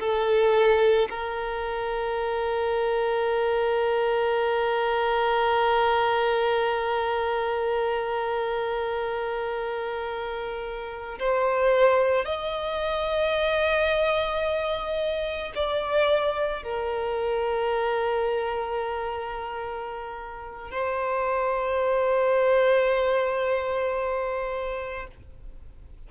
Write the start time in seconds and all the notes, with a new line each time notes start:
0.00 A4
1.10 A#4
11.19 C5
12.25 D#5
15.56 D5
16.63 A#4
20.71 C5